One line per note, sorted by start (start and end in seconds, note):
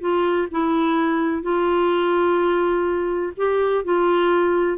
0.00 0.48 F4
0.51 1.42 E4
1.42 3.33 F4
3.37 3.84 G4
3.84 4.78 F4